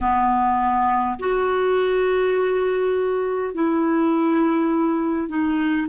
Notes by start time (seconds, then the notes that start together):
0.01 B3
1.19 F#4
3.53 E4
5.28 D#4